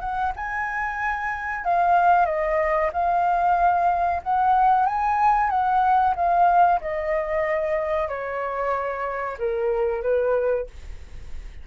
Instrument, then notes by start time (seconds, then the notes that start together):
flute
0.00 F#5
0.36 G#5
1.64 F5
2.26 D#5
2.93 F5
4.23 F#5
4.86 G#5
5.50 F#5
6.15 F5
6.81 D#5
8.09 C#5
9.38 A#4
10.02 B4